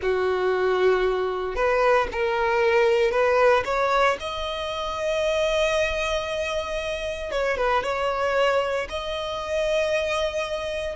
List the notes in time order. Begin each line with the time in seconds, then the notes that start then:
0.02 F#4
1.55 B4
2.11 A#4
3.11 B4
3.65 C#5
4.20 D#5
7.31 C#5
7.57 B4
7.83 C#5
8.89 D#5